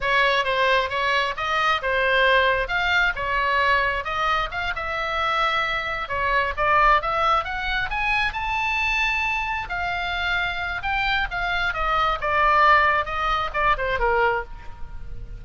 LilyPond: \new Staff \with { instrumentName = "oboe" } { \time 4/4 \tempo 4 = 133 cis''4 c''4 cis''4 dis''4 | c''2 f''4 cis''4~ | cis''4 dis''4 f''8 e''4.~ | e''4. cis''4 d''4 e''8~ |
e''8 fis''4 gis''4 a''4.~ | a''4. f''2~ f''8 | g''4 f''4 dis''4 d''4~ | d''4 dis''4 d''8 c''8 ais'4 | }